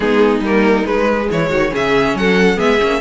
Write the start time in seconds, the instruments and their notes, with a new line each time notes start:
0.00 cello G#3, viola B3, violin D#4 G#4
0.40 cello G3, viola A#3, violin A#4
0.83 viola G#3, cello G#3, violin B4
1.31 cello E3, violin E4 C#5
1.49 cello D#3, violin F#4
1.70 cello C#3, viola C#4, violin G#4 E5
2.14 cello F#3, violin A4 F#5
2.56 cello G#3, viola B3, violin G#4 E5
2.80 cello A#3, viola C#4